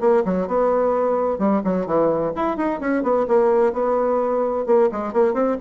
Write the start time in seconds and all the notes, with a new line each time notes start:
0.00 A#3
0.25 F#3
0.47 B3
1.38 G3
1.64 F#3
1.86 E3
2.36 E4
2.57 D#4
2.80 C#4
3.03 B3
3.27 A#3
3.73 B3
4.66 A#3
4.92 G#3
5.13 A#3
5.33 C4